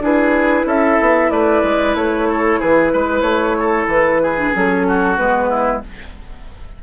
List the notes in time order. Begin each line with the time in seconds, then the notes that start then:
0.00 D4 E4 G#4 B4
0.66 C#4 A4 E5
1.00 B3
1.30 A3 B4 D5
1.63 G#3
1.94 A3 C#5
2.29 A4
2.60 E3 G#4 B4
2.93 G#3 B4
3.22 A3 C#5
3.59 A4
3.87 E3 B4
4.22 G#4
4.37 D4
4.53 F#3 C#4 A4
4.88 F#4
5.16 G#3 B3 B4
5.49 E4